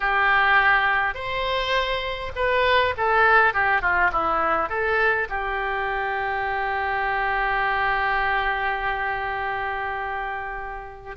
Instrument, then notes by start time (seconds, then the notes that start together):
oboe
0.00 G4
1.14 C5
2.35 B4
2.97 A4
3.53 G4
3.81 F4
4.12 E4
4.69 A4
5.29 G4